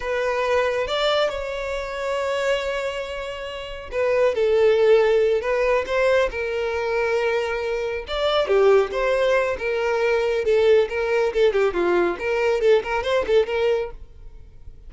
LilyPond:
\new Staff \with { instrumentName = "violin" } { \time 4/4 \tempo 4 = 138 b'2 d''4 cis''4~ | cis''1~ | cis''4 b'4 a'2~ | a'8 b'4 c''4 ais'4.~ |
ais'2~ ais'8 d''4 g'8~ | g'8 c''4. ais'2 | a'4 ais'4 a'8 g'8 f'4 | ais'4 a'8 ais'8 c''8 a'8 ais'4 | }